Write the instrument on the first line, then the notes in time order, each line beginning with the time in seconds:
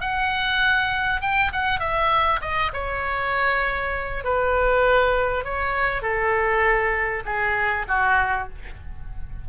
oboe
0.00 F#5
1.21 G5
1.52 F#5
1.79 E5
2.41 D#5
2.73 C#5
4.23 B4
5.44 C#5
6.02 A4
7.25 G#4
7.88 F#4